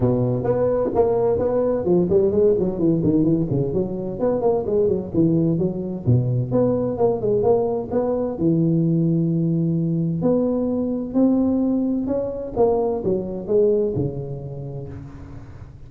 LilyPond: \new Staff \with { instrumentName = "tuba" } { \time 4/4 \tempo 4 = 129 b,4 b4 ais4 b4 | f8 g8 gis8 fis8 e8 dis8 e8 cis8 | fis4 b8 ais8 gis8 fis8 e4 | fis4 b,4 b4 ais8 gis8 |
ais4 b4 e2~ | e2 b2 | c'2 cis'4 ais4 | fis4 gis4 cis2 | }